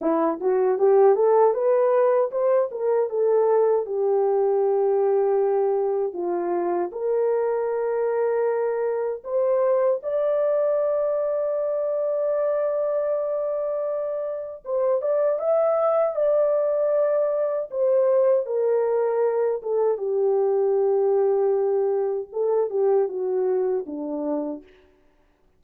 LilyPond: \new Staff \with { instrumentName = "horn" } { \time 4/4 \tempo 4 = 78 e'8 fis'8 g'8 a'8 b'4 c''8 ais'8 | a'4 g'2. | f'4 ais'2. | c''4 d''2.~ |
d''2. c''8 d''8 | e''4 d''2 c''4 | ais'4. a'8 g'2~ | g'4 a'8 g'8 fis'4 d'4 | }